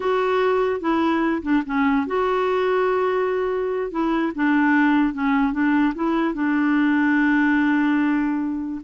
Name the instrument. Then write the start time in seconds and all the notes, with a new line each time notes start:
clarinet
0.00 F#4
0.80 E4
1.42 D4
1.66 C#4
2.06 F#4
3.91 E4
4.35 D4
5.13 C#4
5.52 D4
5.94 E4
6.34 D4